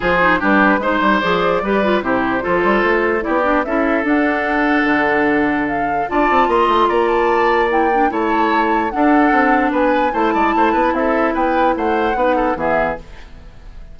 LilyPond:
<<
  \new Staff \with { instrumentName = "flute" } { \time 4/4 \tempo 4 = 148 c''4 b'4 c''4 d''4~ | d''4 c''2. | d''4 e''4 fis''2~ | fis''2 f''4 a''4 |
c'''4 ais''8 a''4. g''4 | a''2 fis''2 | gis''4 a''2 e''4 | g''4 fis''2 e''4 | }
  \new Staff \with { instrumentName = "oboe" } { \time 4/4 gis'4 g'4 c''2 | b'4 g'4 a'2 | g'4 a'2.~ | a'2. d''4 |
dis''4 d''2. | cis''2 a'2 | b'4 c''8 d''8 c''8 b'8 a'4 | b'4 c''4 b'8 a'8 gis'4 | }
  \new Staff \with { instrumentName = "clarinet" } { \time 4/4 f'8 dis'8 d'4 dis'4 gis'4 | g'8 f'8 e'4 f'2 | e'8 d'8 e'4 d'2~ | d'2. f'4~ |
f'2. e'8 d'8 | e'2 d'2~ | d'4 e'2.~ | e'2 dis'4 b4 | }
  \new Staff \with { instrumentName = "bassoon" } { \time 4/4 f4 g4 gis8 g8 f4 | g4 c4 f8 g8 a4 | b4 cis'4 d'2 | d2. d'8 c'8 |
ais8 a8 ais2. | a2 d'4 c'4 | b4 a8 gis8 a8 b8 c'4 | b4 a4 b4 e4 | }
>>